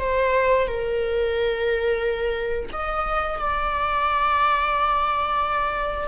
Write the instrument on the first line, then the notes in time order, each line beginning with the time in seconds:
viola
0.00 C5
0.67 A#4
2.73 D#5
3.39 D5